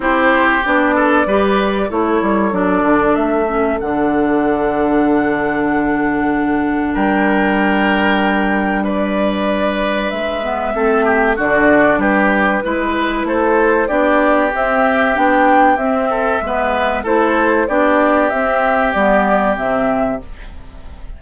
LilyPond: <<
  \new Staff \with { instrumentName = "flute" } { \time 4/4 \tempo 4 = 95 c''4 d''2 cis''4 | d''4 e''4 fis''2~ | fis''2. g''4~ | g''2 d''2 |
e''2 d''4 b'4~ | b'4 c''4 d''4 e''4 | g''4 e''2 c''4 | d''4 e''4 d''4 e''4 | }
  \new Staff \with { instrumentName = "oboe" } { \time 4/4 g'4. a'8 b'4 a'4~ | a'1~ | a'2. ais'4~ | ais'2 b'2~ |
b'4 a'8 g'8 fis'4 g'4 | b'4 a'4 g'2~ | g'4. a'8 b'4 a'4 | g'1 | }
  \new Staff \with { instrumentName = "clarinet" } { \time 4/4 e'4 d'4 g'4 e'4 | d'4. cis'8 d'2~ | d'1~ | d'1~ |
d'8 b8 c'4 d'2 | e'2 d'4 c'4 | d'4 c'4 b4 e'4 | d'4 c'4 b4 c'4 | }
  \new Staff \with { instrumentName = "bassoon" } { \time 4/4 c'4 b4 g4 a8 g8 | fis8 d8 a4 d2~ | d2. g4~ | g1 |
gis4 a4 d4 g4 | gis4 a4 b4 c'4 | b4 c'4 gis4 a4 | b4 c'4 g4 c4 | }
>>